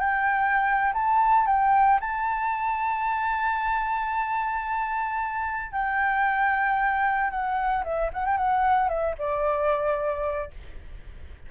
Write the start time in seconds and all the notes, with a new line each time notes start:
0.00 G5
0.94 A5
1.47 G5
2.01 A5
5.72 G5
7.31 F#5
7.84 E5
8.13 F#5
8.26 G5
8.37 F#5
8.89 E5
9.18 D5